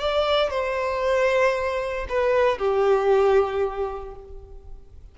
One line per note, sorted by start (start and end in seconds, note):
0.00 0.51 D5
0.51 2.07 C5
2.09 2.59 B4
2.59 4.15 G4